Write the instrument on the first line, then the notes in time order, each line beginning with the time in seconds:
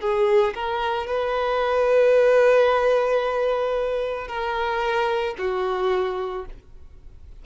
violin
0.00 G#4
0.55 A#4
1.07 B4
4.28 A#4
5.38 F#4